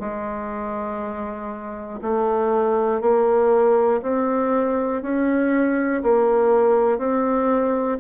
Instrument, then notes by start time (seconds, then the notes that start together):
bassoon
0.00 G#3
2.02 A3
3.01 A#3
4.02 C4
5.02 C#4
6.03 A#3
6.99 C4